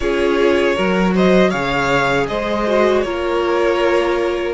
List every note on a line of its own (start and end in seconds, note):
0.00 0.77 C#4
0.00 0.76 F4
0.00 0.75 G#4
0.00 1.11 C#5
0.75 1.53 F#3
0.75 1.51 F#4
0.75 1.13 A#4
1.14 1.50 C5
1.14 1.50 D#5
1.50 2.29 C#3
1.50 2.65 G#4
1.50 2.26 C#5
1.50 2.26 F5
2.27 3.04 G#3
2.27 3.04 C5
2.27 3.01 D#5
2.66 3.04 F#4
3.01 4.54 A#3
3.01 4.54 F4
3.01 4.54 A#4
3.01 4.53 C#5